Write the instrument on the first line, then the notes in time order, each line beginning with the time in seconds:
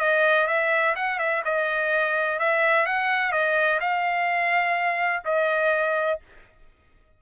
trumpet
0.00 D#5
0.47 E5
0.96 F#5
1.19 E5
1.45 D#5
2.39 E5
2.86 F#5
3.32 D#5
3.81 F5
5.25 D#5